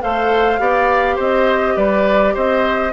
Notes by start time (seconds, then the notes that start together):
0.00 A3 A4 C5 F5
0.58 B3 G4 D5
1.15 C4 C5 D#5
1.76 G3 B4 D5
2.34 C4 C5 D#5